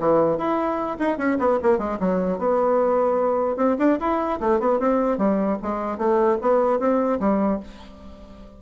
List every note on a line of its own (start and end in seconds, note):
0.00 0.38 E3
0.38 0.98 E4
0.99 1.18 D#4
1.18 1.38 C#4
1.39 1.59 B3
1.63 1.79 A#3
1.79 1.99 G#3
2.00 2.39 F#3
2.39 3.57 B3
3.57 3.77 C4
3.79 3.99 D4
4.00 4.40 E4
4.41 4.60 A3
4.60 4.80 B3
4.80 5.18 C4
5.18 5.58 G3
5.63 5.98 G#3
5.98 6.38 A3
6.42 6.80 B3
6.80 7.20 C4
7.20 7.60 G3